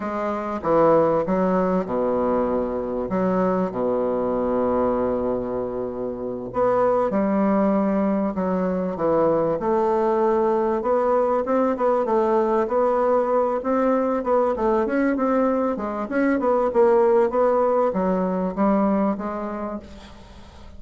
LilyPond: \new Staff \with { instrumentName = "bassoon" } { \time 4/4 \tempo 4 = 97 gis4 e4 fis4 b,4~ | b,4 fis4 b,2~ | b,2~ b,8 b4 g8~ | g4. fis4 e4 a8~ |
a4. b4 c'8 b8 a8~ | a8 b4. c'4 b8 a8 | cis'8 c'4 gis8 cis'8 b8 ais4 | b4 fis4 g4 gis4 | }